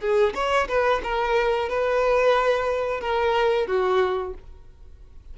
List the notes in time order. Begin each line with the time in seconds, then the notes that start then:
0.00 G#4
0.34 C#5
0.68 B4
1.03 A#4
1.69 B4
3.00 A#4
3.67 F#4